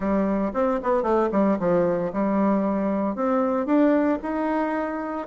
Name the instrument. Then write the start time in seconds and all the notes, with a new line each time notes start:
bassoon
0.00 G3
0.53 C4
0.83 B3
1.02 A3
1.31 G3
1.59 F3
2.12 G3
3.15 C4
3.66 D4
4.22 D#4